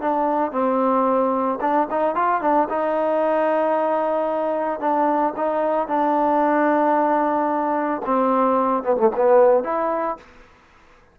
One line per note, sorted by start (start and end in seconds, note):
0.00 0.51 D4
0.51 1.58 C4
1.60 1.87 D4
1.90 2.15 D#4
2.15 2.41 F4
2.41 2.68 D4
2.69 4.80 D#4
4.80 5.33 D4
5.36 5.87 D#4
5.87 8.01 D4
8.05 8.83 C4
8.83 8.96 B3
8.97 9.10 A3
9.16 9.63 B3
9.63 10.17 E4